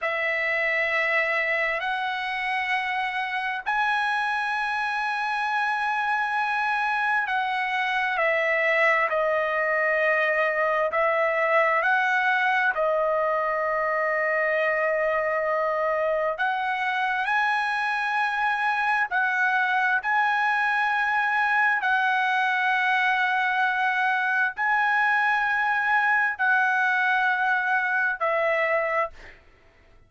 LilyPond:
\new Staff \with { instrumentName = "trumpet" } { \time 4/4 \tempo 4 = 66 e''2 fis''2 | gis''1 | fis''4 e''4 dis''2 | e''4 fis''4 dis''2~ |
dis''2 fis''4 gis''4~ | gis''4 fis''4 gis''2 | fis''2. gis''4~ | gis''4 fis''2 e''4 | }